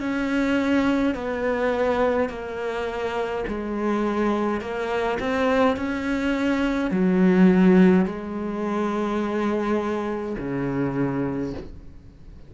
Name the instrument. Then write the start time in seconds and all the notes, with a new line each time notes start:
cello
0.00 C#4
1.15 B3
2.29 A#3
3.48 G#3
4.60 A#3
5.20 C4
5.76 C#4
6.91 F#3
8.06 G#3
10.38 C#3